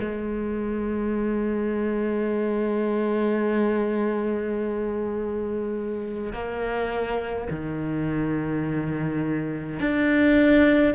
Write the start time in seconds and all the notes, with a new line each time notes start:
0.00 G#3
6.33 A#3
7.51 D#3
9.80 D4